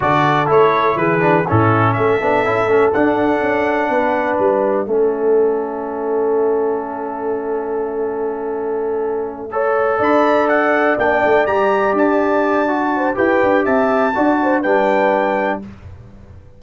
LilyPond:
<<
  \new Staff \with { instrumentName = "trumpet" } { \time 4/4 \tempo 4 = 123 d''4 cis''4 b'4 a'4 | e''2 fis''2~ | fis''4 e''2.~ | e''1~ |
e''1~ | e''8 b''4 fis''4 g''4 ais''8~ | ais''8 a''2~ a''8 g''4 | a''2 g''2 | }
  \new Staff \with { instrumentName = "horn" } { \time 4/4 a'2 gis'4 e'4 | a'1 | b'2 a'2~ | a'1~ |
a'2.~ a'8 cis''8~ | cis''8 d''2.~ d''8~ | d''2~ d''8 c''8 b'4 | e''4 d''8 c''8 b'2 | }
  \new Staff \with { instrumentName = "trombone" } { \time 4/4 fis'4 e'4. d'8 cis'4~ | cis'8 d'8 e'8 cis'8 d'2~ | d'2 cis'2~ | cis'1~ |
cis'2.~ cis'8 a'8~ | a'2~ a'8 d'4 g'8~ | g'2 fis'4 g'4~ | g'4 fis'4 d'2 | }
  \new Staff \with { instrumentName = "tuba" } { \time 4/4 d4 a4 e4 a,4 | a8 b8 cis'8 a8 d'4 cis'4 | b4 g4 a2~ | a1~ |
a1~ | a8 d'2 ais8 a8 g8~ | g8 d'2~ d'8 e'8 d'8 | c'4 d'4 g2 | }
>>